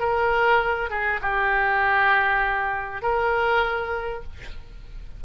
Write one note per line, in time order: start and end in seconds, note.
0.00 0.90 A#4
0.90 1.21 G#4
1.22 3.02 G4
3.02 4.24 A#4